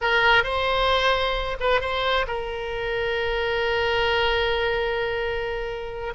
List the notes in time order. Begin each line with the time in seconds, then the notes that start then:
0.01 A#4
0.43 C5
1.60 B4
1.80 C5
2.27 A#4